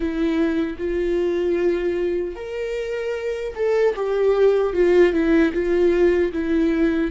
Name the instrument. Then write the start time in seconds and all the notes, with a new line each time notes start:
viola
0.00 E4
0.78 F4
2.35 A#4
3.55 A4
3.95 G4
4.73 F4
5.12 E4
5.53 F4
6.32 E4